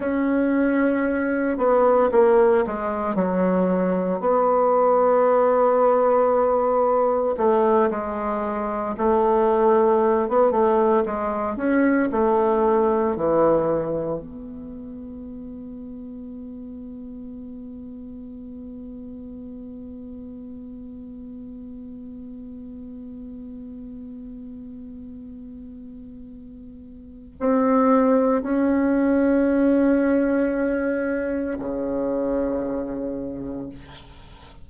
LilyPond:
\new Staff \with { instrumentName = "bassoon" } { \time 4/4 \tempo 4 = 57 cis'4. b8 ais8 gis8 fis4 | b2. a8 gis8~ | gis8 a4~ a16 b16 a8 gis8 cis'8 a8~ | a8 e4 b2~ b8~ |
b1~ | b1~ | b2 c'4 cis'4~ | cis'2 cis2 | }